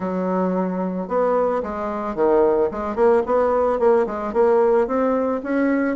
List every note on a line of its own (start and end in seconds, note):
0.00 1.08 F#3
1.08 1.62 B3
1.62 2.15 G#3
2.15 2.69 D#3
2.71 2.95 G#3
2.95 3.22 A#3
3.26 3.79 B3
3.79 4.06 A#3
4.06 4.33 G#3
4.33 4.87 A#3
4.87 5.41 C4
5.43 5.96 C#4